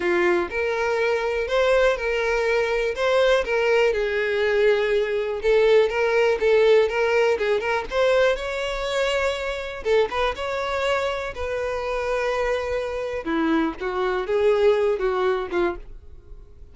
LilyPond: \new Staff \with { instrumentName = "violin" } { \time 4/4 \tempo 4 = 122 f'4 ais'2 c''4 | ais'2 c''4 ais'4 | gis'2. a'4 | ais'4 a'4 ais'4 gis'8 ais'8 |
c''4 cis''2. | a'8 b'8 cis''2 b'4~ | b'2. e'4 | fis'4 gis'4. fis'4 f'8 | }